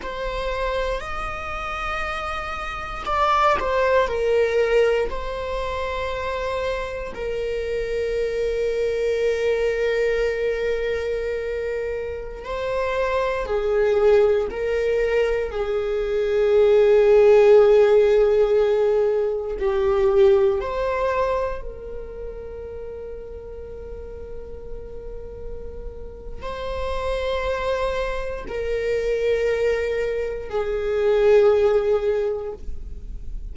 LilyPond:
\new Staff \with { instrumentName = "viola" } { \time 4/4 \tempo 4 = 59 c''4 dis''2 d''8 c''8 | ais'4 c''2 ais'4~ | ais'1~ | ais'16 c''4 gis'4 ais'4 gis'8.~ |
gis'2.~ gis'16 g'8.~ | g'16 c''4 ais'2~ ais'8.~ | ais'2 c''2 | ais'2 gis'2 | }